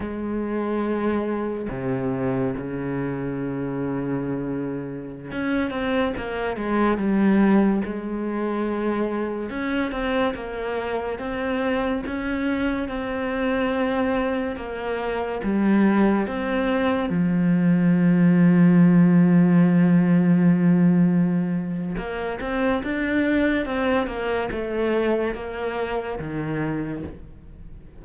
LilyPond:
\new Staff \with { instrumentName = "cello" } { \time 4/4 \tempo 4 = 71 gis2 c4 cis4~ | cis2~ cis16 cis'8 c'8 ais8 gis16~ | gis16 g4 gis2 cis'8 c'16~ | c'16 ais4 c'4 cis'4 c'8.~ |
c'4~ c'16 ais4 g4 c'8.~ | c'16 f2.~ f8.~ | f2 ais8 c'8 d'4 | c'8 ais8 a4 ais4 dis4 | }